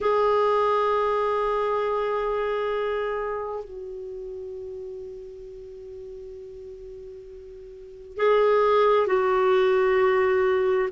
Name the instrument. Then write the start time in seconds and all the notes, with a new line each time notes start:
clarinet
0.00 G#4
3.64 F#4
8.17 G#4
9.07 F#4